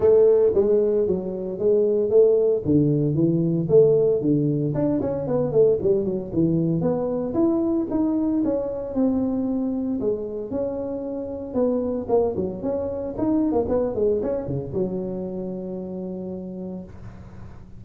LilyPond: \new Staff \with { instrumentName = "tuba" } { \time 4/4 \tempo 4 = 114 a4 gis4 fis4 gis4 | a4 d4 e4 a4 | d4 d'8 cis'8 b8 a8 g8 fis8 | e4 b4 e'4 dis'4 |
cis'4 c'2 gis4 | cis'2 b4 ais8 fis8 | cis'4 dis'8. ais16 b8 gis8 cis'8 cis8 | fis1 | }